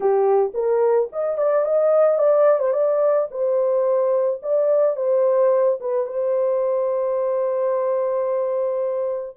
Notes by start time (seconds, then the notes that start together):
0.00 G4
0.54 A#4
1.12 D#5
1.37 D5
1.64 D#5
2.18 D5
2.59 C5
2.72 D5
3.30 C5
4.42 D5
4.96 C5
5.80 B4
6.06 C5